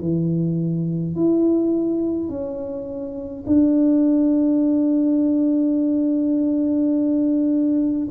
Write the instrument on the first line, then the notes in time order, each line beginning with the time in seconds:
tuba
0.00 E3
1.15 E4
2.29 C#4
3.46 D4